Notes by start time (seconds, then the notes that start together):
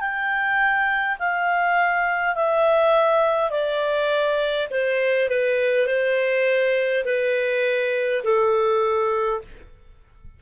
0.00 G5
1.18 F5
2.35 E5
3.50 D5
4.70 C5
5.28 B4
5.86 C5
7.04 B4
8.24 A4